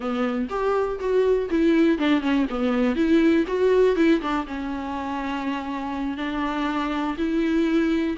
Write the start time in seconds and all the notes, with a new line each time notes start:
0.00 B3
0.49 G4
0.99 F#4
1.50 E4
1.98 D4
2.21 C#4
2.49 B3
2.95 E4
3.47 F#4
3.96 E4
4.21 D4
4.46 C#4
6.17 D4
7.17 E4